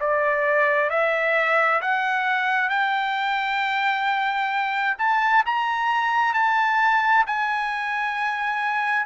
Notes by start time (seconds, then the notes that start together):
0.00 D5
0.90 E5
1.81 F#5
2.69 G5
4.98 A5
5.46 A#5
6.34 A5
7.26 G#5